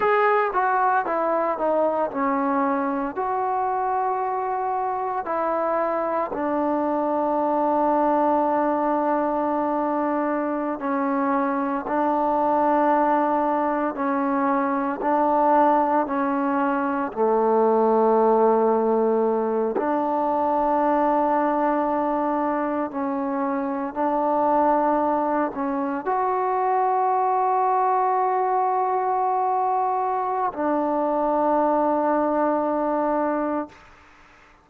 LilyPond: \new Staff \with { instrumentName = "trombone" } { \time 4/4 \tempo 4 = 57 gis'8 fis'8 e'8 dis'8 cis'4 fis'4~ | fis'4 e'4 d'2~ | d'2~ d'16 cis'4 d'8.~ | d'4~ d'16 cis'4 d'4 cis'8.~ |
cis'16 a2~ a8 d'4~ d'16~ | d'4.~ d'16 cis'4 d'4~ d'16~ | d'16 cis'8 fis'2.~ fis'16~ | fis'4 d'2. | }